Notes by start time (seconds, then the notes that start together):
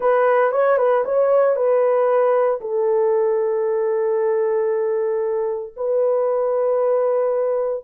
0.00 B4
0.51 C#5
0.77 B4
1.05 C#5
1.55 B4
2.60 A4
5.76 B4